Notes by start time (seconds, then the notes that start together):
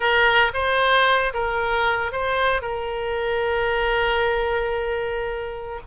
0.00 A#4
0.53 C5
1.33 A#4
2.12 C5
2.61 A#4